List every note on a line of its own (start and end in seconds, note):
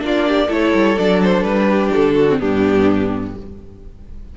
0.00 0.48 A#3
0.00 0.48 D4
0.00 0.29 F4
0.06 0.53 D5
0.29 0.47 G4
0.47 0.73 A3
0.47 0.97 E4
0.47 1.66 A4
0.47 0.99 C#5
0.74 0.98 G3
0.99 1.44 F#3
0.99 2.30 D4
0.99 1.23 D5
1.24 1.44 C5
1.44 1.91 G3
1.44 1.91 B4
1.69 2.15 G4
1.94 2.42 D3
1.94 2.40 A4
2.15 2.39 F#4
2.30 2.40 C4
2.40 3.38 G2
2.40 3.35 B3
2.40 3.36 D4
2.40 3.36 G4